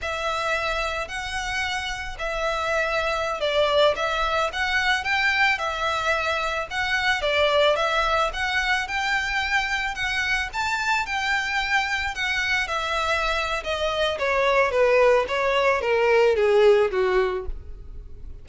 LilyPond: \new Staff \with { instrumentName = "violin" } { \time 4/4 \tempo 4 = 110 e''2 fis''2 | e''2~ e''16 d''4 e''8.~ | e''16 fis''4 g''4 e''4.~ e''16~ | e''16 fis''4 d''4 e''4 fis''8.~ |
fis''16 g''2 fis''4 a''8.~ | a''16 g''2 fis''4 e''8.~ | e''4 dis''4 cis''4 b'4 | cis''4 ais'4 gis'4 fis'4 | }